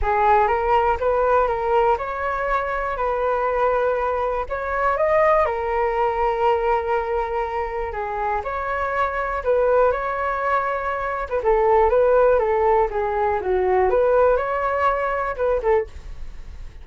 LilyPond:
\new Staff \with { instrumentName = "flute" } { \time 4/4 \tempo 4 = 121 gis'4 ais'4 b'4 ais'4 | cis''2 b'2~ | b'4 cis''4 dis''4 ais'4~ | ais'1 |
gis'4 cis''2 b'4 | cis''2~ cis''8. b'16 a'4 | b'4 a'4 gis'4 fis'4 | b'4 cis''2 b'8 a'8 | }